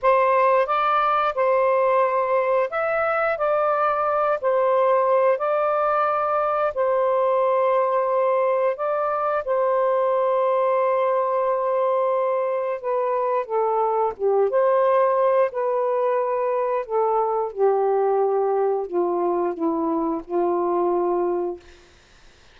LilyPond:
\new Staff \with { instrumentName = "saxophone" } { \time 4/4 \tempo 4 = 89 c''4 d''4 c''2 | e''4 d''4. c''4. | d''2 c''2~ | c''4 d''4 c''2~ |
c''2. b'4 | a'4 g'8 c''4. b'4~ | b'4 a'4 g'2 | f'4 e'4 f'2 | }